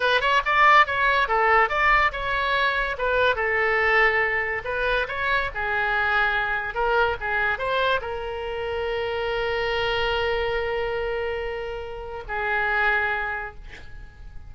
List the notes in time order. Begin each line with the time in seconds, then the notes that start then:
0.00 B4
0.20 C#5
0.45 D5
0.86 C#5
1.28 A4
1.69 D5
2.11 C#5
2.98 B4
3.35 A4
4.64 B4
5.08 C#5
5.54 G#4
6.74 A#4
7.20 G#4
7.58 C5
8.01 A#4
12.27 G#4